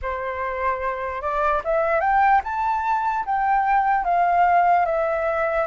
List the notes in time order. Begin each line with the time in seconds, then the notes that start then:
0.02 C5
1.21 D5
1.64 E5
2.00 G5
2.44 A5
3.25 G5
4.04 F5
4.85 E5